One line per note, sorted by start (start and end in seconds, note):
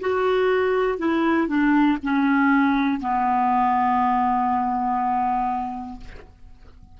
0.00 0.98 F#4
0.98 1.47 E4
1.47 1.97 D4
2.03 3.00 C#4
3.00 6.00 B3